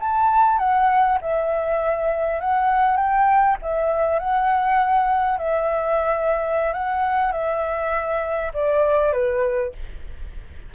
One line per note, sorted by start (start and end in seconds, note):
0.00 0.58 A5
0.58 1.18 F#5
1.21 2.41 E5
2.41 2.97 F#5
2.97 3.57 G5
3.62 4.19 E5
4.19 5.38 F#5
5.38 6.73 E5
6.73 7.32 F#5
7.32 8.52 E5
8.54 9.13 D5
9.13 9.73 B4